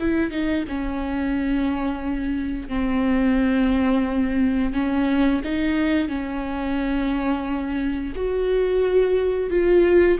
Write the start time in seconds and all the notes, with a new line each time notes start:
0.00 E4
0.31 D#4
0.68 C#4
2.69 C4
4.74 C#4
5.44 D#4
6.08 C#4
8.15 F#4
9.50 F4